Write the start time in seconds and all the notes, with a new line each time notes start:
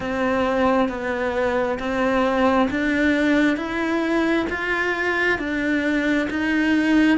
0.00 C4
0.88 B3
1.79 C4
2.70 D4
3.57 E4
4.49 F4
5.38 D4
6.29 D#4